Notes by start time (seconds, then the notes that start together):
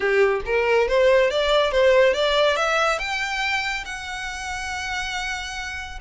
0.00 G4
0.45 A#4
0.88 C5
1.30 D5
1.71 C5
2.13 D5
2.56 E5
2.98 G5
3.85 F#5